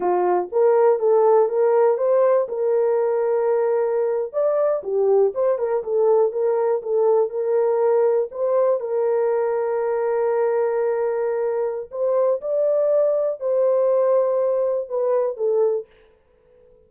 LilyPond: \new Staff \with { instrumentName = "horn" } { \time 4/4 \tempo 4 = 121 f'4 ais'4 a'4 ais'4 | c''4 ais'2.~ | ais'8. d''4 g'4 c''8 ais'8 a'16~ | a'8. ais'4 a'4 ais'4~ ais'16~ |
ais'8. c''4 ais'2~ ais'16~ | ais'1 | c''4 d''2 c''4~ | c''2 b'4 a'4 | }